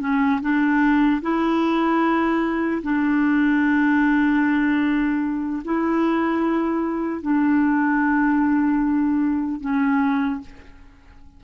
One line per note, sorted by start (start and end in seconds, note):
0.00 0.40 C#4
0.41 1.21 D4
1.22 2.82 E4
2.83 5.63 D4
5.64 7.22 E4
7.22 9.61 D4
9.61 10.41 C#4